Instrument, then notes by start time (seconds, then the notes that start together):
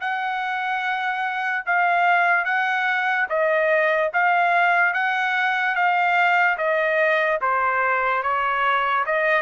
trumpet
0.00 F#5
1.66 F5
2.44 F#5
3.29 D#5
4.13 F5
4.93 F#5
5.75 F5
6.57 D#5
7.41 C5
8.22 C#5
9.06 D#5